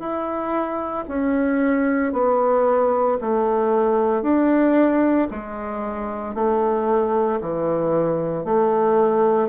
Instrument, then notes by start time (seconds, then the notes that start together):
bassoon
0.00 E4
1.09 C#4
2.13 B3
3.22 A3
4.23 D4
5.31 G#3
6.35 A3
7.41 E3
8.45 A3